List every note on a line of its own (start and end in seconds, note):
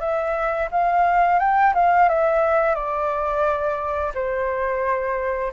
0.00 0.69 E5
0.72 1.39 F5
1.39 1.74 G5
1.75 2.09 F5
2.09 2.75 E5
2.75 4.13 D5
4.15 5.53 C5